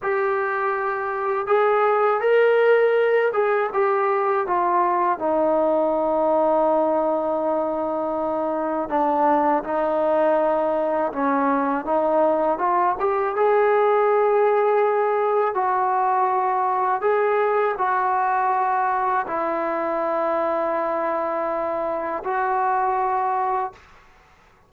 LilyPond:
\new Staff \with { instrumentName = "trombone" } { \time 4/4 \tempo 4 = 81 g'2 gis'4 ais'4~ | ais'8 gis'8 g'4 f'4 dis'4~ | dis'1 | d'4 dis'2 cis'4 |
dis'4 f'8 g'8 gis'2~ | gis'4 fis'2 gis'4 | fis'2 e'2~ | e'2 fis'2 | }